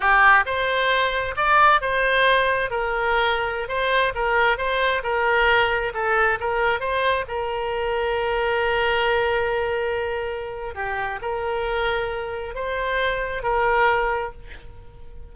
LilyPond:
\new Staff \with { instrumentName = "oboe" } { \time 4/4 \tempo 4 = 134 g'4 c''2 d''4 | c''2 ais'2~ | ais'16 c''4 ais'4 c''4 ais'8.~ | ais'4~ ais'16 a'4 ais'4 c''8.~ |
c''16 ais'2.~ ais'8.~ | ais'1 | g'4 ais'2. | c''2 ais'2 | }